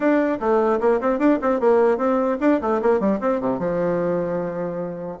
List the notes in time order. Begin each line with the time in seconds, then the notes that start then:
0.00 D4
0.40 A3
0.80 A#3
1.01 C4
1.18 D4
1.41 C4
1.59 A#3
1.97 C4
2.40 D4
2.61 A3
2.81 A#3
3.00 G3
3.20 C4
3.40 C3
3.59 F3